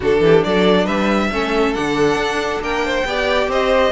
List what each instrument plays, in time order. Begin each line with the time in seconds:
0.00 cello D3, viola D4, violin F#4 A4
0.20 cello E3, violin G4
0.44 cello F#3, violin A4 D5
0.85 cello G3, violin B4 E5
1.31 cello A3, viola C#4, violin A4
1.74 cello D3, viola D4, violin F#5
2.16 cello D4
2.60 cello A#3, violin A#4 G5
2.85 violin C5
3.04 cello B3, viola G4, violin D5
3.47 cello C4, violin C5 D#5